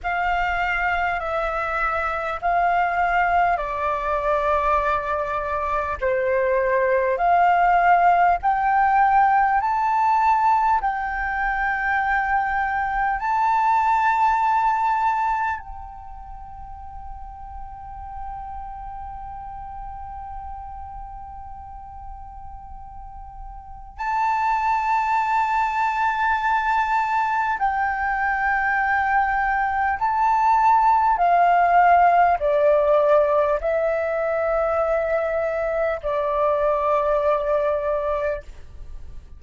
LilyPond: \new Staff \with { instrumentName = "flute" } { \time 4/4 \tempo 4 = 50 f''4 e''4 f''4 d''4~ | d''4 c''4 f''4 g''4 | a''4 g''2 a''4~ | a''4 g''2.~ |
g''1 | a''2. g''4~ | g''4 a''4 f''4 d''4 | e''2 d''2 | }